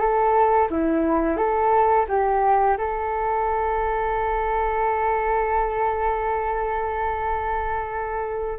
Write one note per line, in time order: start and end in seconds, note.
0.00 0.69 A4
0.71 1.38 E4
1.38 2.07 A4
2.09 2.78 G4
2.78 8.59 A4